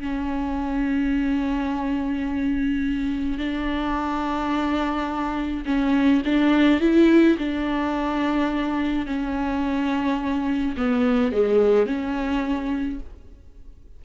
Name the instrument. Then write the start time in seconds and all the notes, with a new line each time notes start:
viola
0.00 C#4
3.38 D4
5.65 C#4
6.25 D4
6.80 E4
7.38 D4
9.06 C#4
10.77 B3
11.32 G#3
11.86 C#4